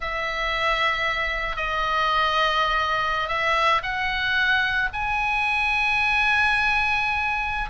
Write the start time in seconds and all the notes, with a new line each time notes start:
0.00 E5
1.56 D#5
3.28 E5
3.83 F#5
4.93 G#5